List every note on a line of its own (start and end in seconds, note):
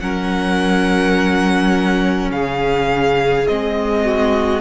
0.00 2.30 F#3
0.00 3.47 C#4
0.00 2.33 A#4
0.00 2.31 F#5
2.30 3.46 C#3
2.30 4.05 G#4
2.30 3.47 F5
3.47 4.61 G#3
3.47 4.61 C4
3.47 4.61 D#5
4.05 4.61 F#4